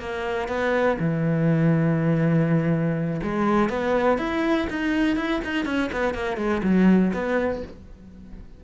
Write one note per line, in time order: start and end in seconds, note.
0.00 0.48 A#3
0.48 0.97 B3
0.99 3.21 E3
3.23 3.69 G#3
3.69 4.18 B3
4.18 4.67 E4
4.70 5.16 D#4
5.16 5.41 E4
5.44 5.66 D#4
5.66 5.90 C#4
5.92 6.14 B3
6.14 6.37 A#3
6.37 6.62 G#3
6.63 7.12 F#3
7.13 7.63 B3